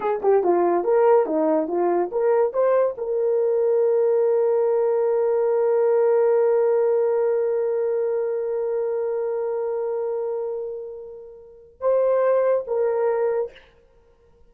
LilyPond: \new Staff \with { instrumentName = "horn" } { \time 4/4 \tempo 4 = 142 gis'8 g'8 f'4 ais'4 dis'4 | f'4 ais'4 c''4 ais'4~ | ais'1~ | ais'1~ |
ais'1~ | ais'1~ | ais'1 | c''2 ais'2 | }